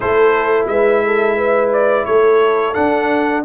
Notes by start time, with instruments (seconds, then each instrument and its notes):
0.00 tuba A3, trombone E4, horn A4, trumpet C5
0.67 tuba G#3, horn B4, trumpet E5
1.05 horn A4
1.36 horn B4
1.72 trumpet D5
2.05 tuba A3, horn A4, trumpet C#5
2.74 trombone D4, tuba D4, trumpet F#5